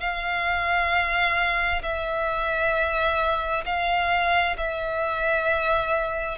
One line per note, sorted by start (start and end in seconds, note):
0.00 1.82 F5
1.82 3.64 E5
3.65 4.56 F5
4.57 6.38 E5